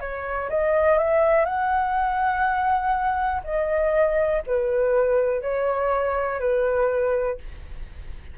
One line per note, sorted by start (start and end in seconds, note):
0.00 0.49 C#5
0.49 0.98 D#5
0.98 1.45 E5
1.45 3.42 F#5
3.44 4.42 D#5
4.46 5.41 B4
5.41 6.39 C#5
6.39 7.38 B4